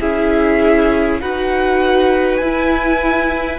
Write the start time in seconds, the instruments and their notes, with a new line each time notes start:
0.00 cello C#4, viola E4, violin G#4 E5
1.20 cello D#4, viola F#4, violin B4 F#5
2.37 cello E4, viola E4, violin G#5